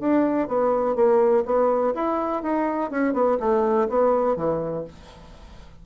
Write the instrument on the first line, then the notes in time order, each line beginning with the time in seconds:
bassoon
0.00 D4
0.48 B3
0.96 A#3
1.46 B3
1.95 E4
2.43 D#4
2.91 C#4
3.14 B3
3.40 A3
3.89 B3
4.37 E3